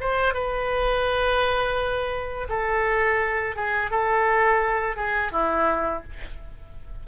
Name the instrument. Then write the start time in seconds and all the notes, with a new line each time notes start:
oboe
0.00 C5
0.34 B4
2.49 A4
3.56 G#4
3.91 A4
4.96 G#4
5.32 E4